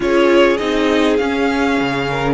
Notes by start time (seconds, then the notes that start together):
0.00 C#4 F4 G#4 C#5
0.57 C4 D#4 D#5
1.16 C#4 F5
1.80 C#3
2.09 A#4